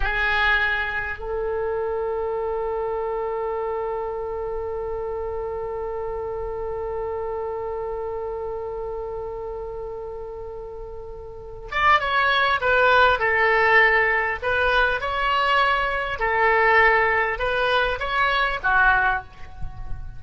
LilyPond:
\new Staff \with { instrumentName = "oboe" } { \time 4/4 \tempo 4 = 100 gis'2 a'2~ | a'1~ | a'1~ | a'1~ |
a'2.~ a'8 d''8 | cis''4 b'4 a'2 | b'4 cis''2 a'4~ | a'4 b'4 cis''4 fis'4 | }